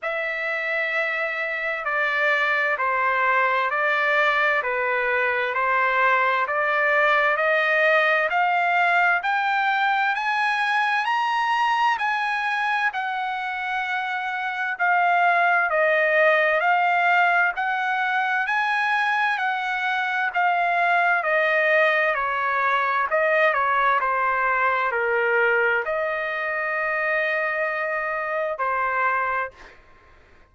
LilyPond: \new Staff \with { instrumentName = "trumpet" } { \time 4/4 \tempo 4 = 65 e''2 d''4 c''4 | d''4 b'4 c''4 d''4 | dis''4 f''4 g''4 gis''4 | ais''4 gis''4 fis''2 |
f''4 dis''4 f''4 fis''4 | gis''4 fis''4 f''4 dis''4 | cis''4 dis''8 cis''8 c''4 ais'4 | dis''2. c''4 | }